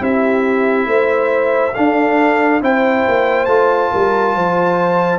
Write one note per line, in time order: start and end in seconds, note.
0.00 0.87 C4
0.00 1.74 E4
0.00 0.88 G4
0.00 1.74 E5
0.87 1.74 A3
0.87 1.75 C5
1.74 2.62 D4
1.74 2.62 A4
1.74 2.61 F5
2.62 3.05 C4
2.62 3.48 E4
2.62 3.92 C5
2.62 3.46 G5
3.09 3.48 A#3
3.46 3.91 A3
3.46 5.19 F4
3.46 5.19 A5
3.92 4.36 G3
3.92 4.35 A#4
4.36 5.19 F3
4.36 5.19 C5